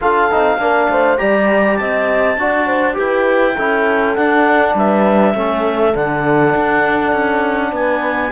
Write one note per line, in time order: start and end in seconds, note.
0.01 0.32 D4
0.01 0.30 F4
0.01 0.60 A4
0.01 1.17 F5
0.30 0.57 C4
0.30 0.59 D#4
0.57 0.87 A#3
0.57 1.17 D4
0.57 0.90 A#4
0.89 1.19 A3
0.89 1.20 C5
1.17 1.79 G3
1.17 2.36 G4
1.17 1.79 D5
1.17 1.76 A#5
1.76 2.37 C4
1.76 2.39 D#5
1.76 2.94 A5
2.37 2.97 D4
2.37 2.93 F#4
2.37 2.66 D5
2.66 2.96 C5
2.93 3.57 E4
2.93 3.53 G4
2.93 3.55 B4
2.93 4.15 G5
3.55 4.17 C#4
3.55 4.16 E4
3.55 4.74 A4
4.15 5.35 D4
4.15 4.74 D4
4.15 4.74 F#5
4.74 5.33 G3
4.74 5.35 B4
4.74 5.95 E5
5.34 5.93 A3
5.34 5.94 C#4
5.34 7.72 A4
5.94 6.54 D3
5.94 8.32 D4
5.94 7.73 F#5
6.55 7.12 D4
7.12 7.71 C#4
7.71 8.31 B3
7.71 8.31 B4
7.71 8.32 G#5